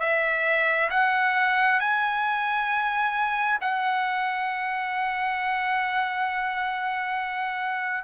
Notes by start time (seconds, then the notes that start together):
0.00 E5
0.90 F#5
1.80 G#5
3.61 F#5